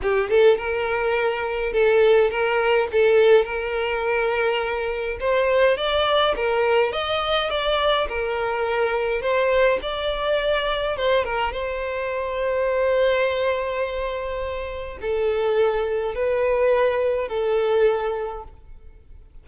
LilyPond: \new Staff \with { instrumentName = "violin" } { \time 4/4 \tempo 4 = 104 g'8 a'8 ais'2 a'4 | ais'4 a'4 ais'2~ | ais'4 c''4 d''4 ais'4 | dis''4 d''4 ais'2 |
c''4 d''2 c''8 ais'8 | c''1~ | c''2 a'2 | b'2 a'2 | }